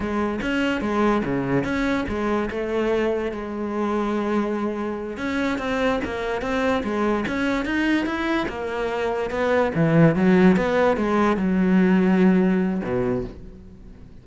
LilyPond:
\new Staff \with { instrumentName = "cello" } { \time 4/4 \tempo 4 = 145 gis4 cis'4 gis4 cis4 | cis'4 gis4 a2 | gis1~ | gis8 cis'4 c'4 ais4 c'8~ |
c'8 gis4 cis'4 dis'4 e'8~ | e'8 ais2 b4 e8~ | e8 fis4 b4 gis4 fis8~ | fis2. b,4 | }